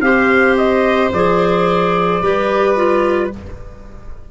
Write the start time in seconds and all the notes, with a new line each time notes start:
0.00 C4 G4 C5 F5
0.57 D#5
1.12 F3 G#4 D5
2.22 G3 G4 B4
2.75 F4